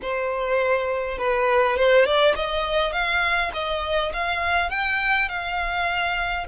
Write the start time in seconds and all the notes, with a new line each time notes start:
0.02 C5
1.18 B4
1.76 C5
2.05 D5
2.35 D#5
2.92 F5
3.53 D#5
4.13 F5
4.70 G5
5.29 F5